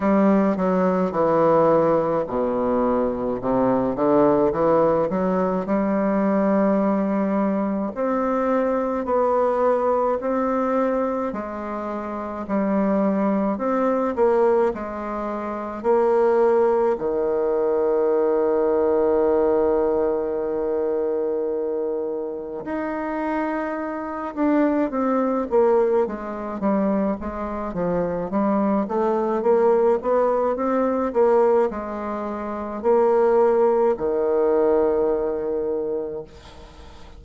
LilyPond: \new Staff \with { instrumentName = "bassoon" } { \time 4/4 \tempo 4 = 53 g8 fis8 e4 b,4 c8 d8 | e8 fis8 g2 c'4 | b4 c'4 gis4 g4 | c'8 ais8 gis4 ais4 dis4~ |
dis1 | dis'4. d'8 c'8 ais8 gis8 g8 | gis8 f8 g8 a8 ais8 b8 c'8 ais8 | gis4 ais4 dis2 | }